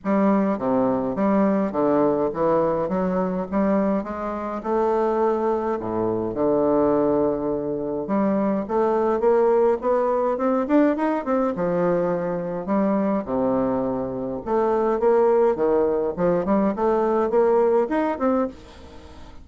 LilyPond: \new Staff \with { instrumentName = "bassoon" } { \time 4/4 \tempo 4 = 104 g4 c4 g4 d4 | e4 fis4 g4 gis4 | a2 a,4 d4~ | d2 g4 a4 |
ais4 b4 c'8 d'8 dis'8 c'8 | f2 g4 c4~ | c4 a4 ais4 dis4 | f8 g8 a4 ais4 dis'8 c'8 | }